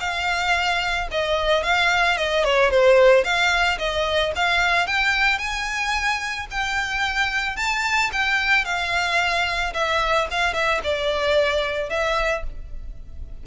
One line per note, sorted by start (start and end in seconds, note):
0.00 1.08 F5
1.11 1.63 D#5
1.63 2.17 F5
2.17 2.44 D#5
2.44 2.70 C#5
2.70 3.24 C5
3.24 3.78 F5
3.79 4.33 D#5
4.36 4.87 F5
4.87 5.38 G5
5.38 6.46 G#5
6.51 7.57 G5
7.57 8.11 A5
8.13 8.65 G5
8.65 9.73 F5
9.74 10.28 E5
10.31 10.54 F5
10.54 10.81 E5
10.84 11.90 D5
11.90 12.44 E5